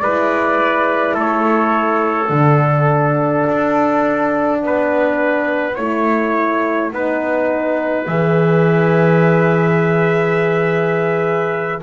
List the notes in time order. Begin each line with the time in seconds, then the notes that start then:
0.00 G#3 E4 B4 D5
1.14 A3 A4 C#5
2.27 D3 D4 F#5
3.48 D4
4.62 B3 B4
5.75 A3 E4 C#5
6.92 B3 D#4 B4
8.07 E3 G#4 E5